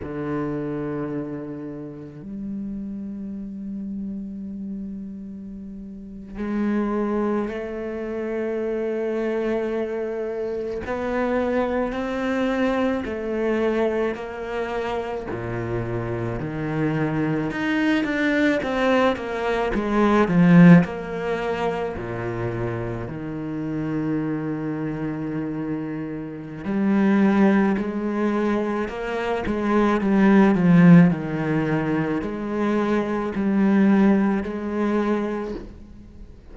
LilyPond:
\new Staff \with { instrumentName = "cello" } { \time 4/4 \tempo 4 = 54 d2 g2~ | g4.~ g16 gis4 a4~ a16~ | a4.~ a16 b4 c'4 a16~ | a8. ais4 ais,4 dis4 dis'16~ |
dis'16 d'8 c'8 ais8 gis8 f8 ais4 ais,16~ | ais,8. dis2.~ dis16 | g4 gis4 ais8 gis8 g8 f8 | dis4 gis4 g4 gis4 | }